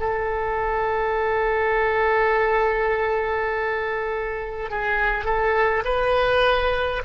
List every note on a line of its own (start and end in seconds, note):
0.00 4.70 A4
4.70 5.25 G#4
5.25 5.83 A4
5.84 7.02 B4